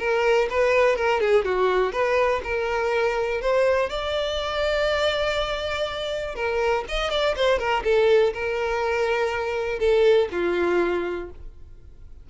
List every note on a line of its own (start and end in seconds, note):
0.00 0.49 A#4
0.51 0.97 B4
0.97 1.21 A#4
1.21 1.45 G#4
1.45 1.93 F#4
1.93 2.42 B4
2.44 3.42 A#4
3.42 3.90 C5
3.90 6.36 D5
6.36 6.85 A#4
6.89 7.11 D#5
7.11 7.36 D5
7.37 7.59 C5
7.59 7.84 A#4
7.84 8.34 A4
8.34 9.80 A#4
9.80 10.29 A4
10.32 11.30 F4